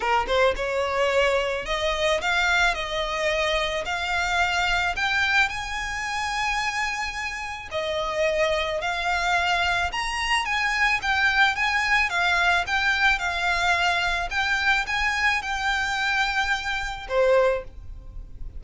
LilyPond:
\new Staff \with { instrumentName = "violin" } { \time 4/4 \tempo 4 = 109 ais'8 c''8 cis''2 dis''4 | f''4 dis''2 f''4~ | f''4 g''4 gis''2~ | gis''2 dis''2 |
f''2 ais''4 gis''4 | g''4 gis''4 f''4 g''4 | f''2 g''4 gis''4 | g''2. c''4 | }